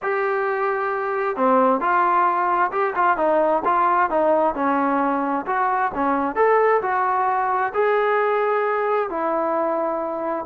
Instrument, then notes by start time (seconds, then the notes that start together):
trombone
0.02 G4
1.36 C4
1.80 F4
2.71 G4
2.95 F4
3.17 D#4
3.64 F4
4.10 D#4
4.55 C#4
5.46 F#4
5.94 C#4
6.35 A4
6.81 F#4
7.74 G#4
9.09 E4